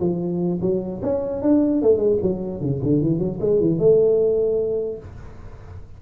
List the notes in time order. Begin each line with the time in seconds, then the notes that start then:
0.00 F3
0.61 F#3
1.03 C#4
1.42 D4
1.82 A3
1.97 G#3
2.22 F#3
2.61 C#3
2.83 D3
3.02 E3
3.19 F#3
3.41 G#3
3.60 E3
3.79 A3